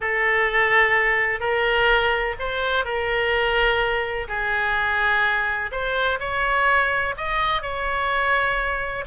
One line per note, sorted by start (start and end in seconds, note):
0.01 1.40 A4
1.40 2.35 A#4
2.39 2.84 C5
2.84 4.27 A#4
4.27 5.70 G#4
5.71 6.19 C5
6.19 7.15 C#5
7.17 7.61 D#5
7.61 9.04 C#5